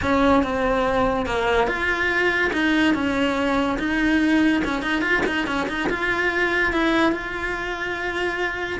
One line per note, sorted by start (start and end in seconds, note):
0.02 0.43 C#4
0.43 1.25 C4
1.25 1.67 A#3
1.67 2.51 F4
2.52 2.94 D#4
2.94 3.78 C#4
3.79 4.62 D#4
4.64 4.81 C#4
4.81 5.01 D#4
5.01 5.22 F4
5.25 5.46 D#4
5.46 5.67 C#4
5.68 5.89 D#4
5.89 6.72 F4
6.72 7.11 E4
7.11 8.79 F4